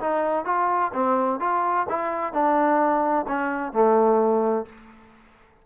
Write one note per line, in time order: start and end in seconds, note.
0.00 0.45 D#4
0.45 0.92 F4
0.94 1.40 C4
1.40 1.86 F4
1.89 2.33 E4
2.33 3.26 D4
3.28 3.73 C#4
3.73 4.66 A3